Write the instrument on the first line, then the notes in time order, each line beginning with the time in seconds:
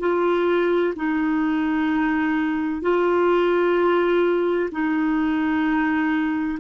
clarinet
0.00 F4
0.96 D#4
2.82 F4
4.71 D#4